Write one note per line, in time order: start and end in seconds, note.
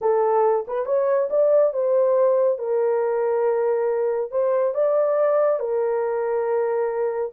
0.01 0.66 A4
0.67 0.85 B4
0.85 1.29 C#5
1.30 1.73 D5
1.73 2.58 C5
2.58 4.31 A#4
4.31 4.74 C5
4.74 5.59 D5
5.59 7.32 A#4